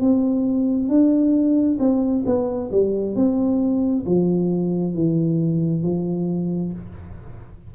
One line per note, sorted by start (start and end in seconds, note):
0.00 0.88 C4
0.88 1.78 D4
1.79 2.24 C4
2.26 2.70 B3
2.72 3.15 G3
3.15 4.05 C4
4.06 4.94 F3
4.94 5.83 E3
5.83 6.72 F3